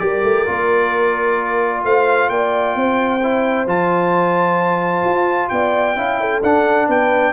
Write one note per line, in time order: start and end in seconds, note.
0.00 0.24 G3
0.00 0.46 G4
0.00 1.85 A#4
0.00 1.83 D5
0.24 0.47 A3
0.46 1.85 A#3
0.46 3.21 F4
1.85 2.30 A3
1.85 2.31 C5
1.85 2.30 F5
2.30 2.76 A#3
2.30 2.77 D5
2.30 3.67 G5
2.76 3.67 C4
2.76 5.52 C5
3.23 3.68 E4
3.67 5.04 F3
3.67 5.97 F4
3.67 5.50 A5
5.05 5.51 F4
5.50 5.96 B3
5.50 5.98 D5
5.50 6.41 G5
5.96 6.42 C#4
5.96 6.42 E4
5.96 6.21 F5
6.21 6.87 A4
6.43 6.89 D4
6.43 7.33 D4
6.43 6.89 F#5
6.87 7.33 B3
6.87 7.33 B4
6.87 7.33 G5